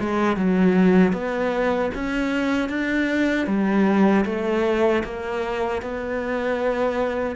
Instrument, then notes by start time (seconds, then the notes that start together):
cello
0.00 G#3
0.37 F#3
1.13 B3
1.95 C#4
2.70 D4
3.47 G3
4.26 A3
5.04 A#3
5.82 B3